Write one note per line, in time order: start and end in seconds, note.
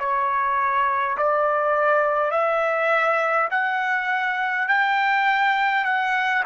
0.00 1.18 C#5
1.18 2.31 D5
2.31 3.49 E5
3.51 4.68 F#5
4.69 5.85 G5
5.85 6.44 F#5